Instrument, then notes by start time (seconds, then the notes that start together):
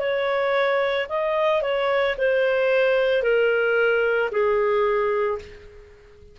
clarinet
0.00 C#5
1.09 D#5
1.62 C#5
2.18 C5
3.23 A#4
4.31 G#4